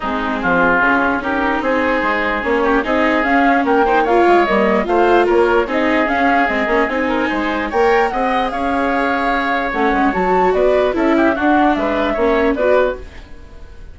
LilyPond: <<
  \new Staff \with { instrumentName = "flute" } { \time 4/4 \tempo 4 = 148 gis'2. ais'4 | c''2 cis''4 dis''4 | f''4 g''4 f''4 dis''4 | f''4 cis''4 dis''4 f''4 |
dis''4 gis''2 g''4 | fis''4 f''2. | fis''4 a''4 d''4 e''4 | fis''4 e''2 d''4 | }
  \new Staff \with { instrumentName = "oboe" } { \time 4/4 dis'4 f'2 g'4 | gis'2~ gis'8 g'8 gis'4~ | gis'4 ais'8 c''8 cis''2 | c''4 ais'4 gis'2~ |
gis'4. ais'8 c''4 cis''4 | dis''4 cis''2.~ | cis''2 b'4 a'8 g'8 | fis'4 b'4 cis''4 b'4 | }
  \new Staff \with { instrumentName = "viola" } { \time 4/4 c'2 cis'4 dis'4~ | dis'2 cis'4 dis'4 | cis'4. dis'8 f'4 ais4 | f'2 dis'4 cis'4 |
c'8 cis'8 dis'2 ais'4 | gis'1 | cis'4 fis'2 e'4 | d'2 cis'4 fis'4 | }
  \new Staff \with { instrumentName = "bassoon" } { \time 4/4 gis4 f4 cis4 cis'4 | c'4 gis4 ais4 c'4 | cis'4 ais4. gis8 g4 | a4 ais4 c'4 cis'4 |
gis8 ais8 c'4 gis4 ais4 | c'4 cis'2. | a8 gis8 fis4 b4 cis'4 | d'4 gis4 ais4 b4 | }
>>